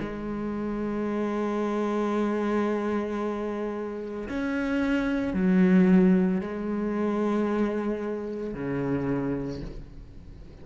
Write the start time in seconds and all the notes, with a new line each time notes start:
0.00 G#3
4.29 C#4
5.33 F#3
6.41 G#3
8.54 C#3